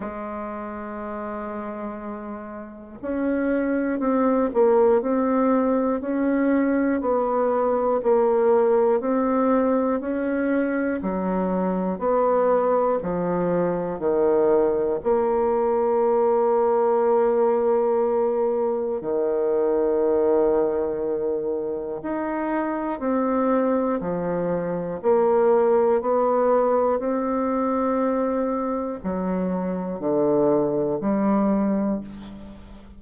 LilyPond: \new Staff \with { instrumentName = "bassoon" } { \time 4/4 \tempo 4 = 60 gis2. cis'4 | c'8 ais8 c'4 cis'4 b4 | ais4 c'4 cis'4 fis4 | b4 f4 dis4 ais4~ |
ais2. dis4~ | dis2 dis'4 c'4 | f4 ais4 b4 c'4~ | c'4 fis4 d4 g4 | }